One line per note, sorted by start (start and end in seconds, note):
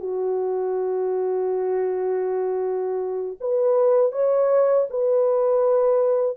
0.00 3.38 F#4
3.41 4.12 B4
4.12 4.87 C#5
4.90 6.37 B4